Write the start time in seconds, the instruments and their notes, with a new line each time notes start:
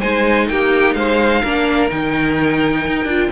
0.00 cello G#3, viola D#4, violin C5 G#5
0.48 cello A#3, violin G4 G5
0.94 cello G#3, violin C5 F5
1.42 cello A#3, viola D4, violin A#4
1.89 cello D#3, viola D#4, violin G5
2.87 cello D#4
3.04 cello D4, viola F4